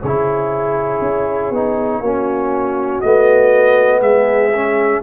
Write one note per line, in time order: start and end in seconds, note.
0.00 1.01 C#3
0.00 2.00 G#4
0.00 3.00 C#5
0.06 1.54 E4
1.01 1.50 C#4
1.50 2.00 B3
1.50 2.03 D#4
2.00 3.00 A#3
2.00 3.02 C#4
2.00 4.00 F#4
3.00 4.01 A3
3.00 4.52 B3
3.00 4.00 D#5
4.00 5.01 G#3
4.00 5.00 G#4
4.00 5.02 E5
4.54 5.03 C#4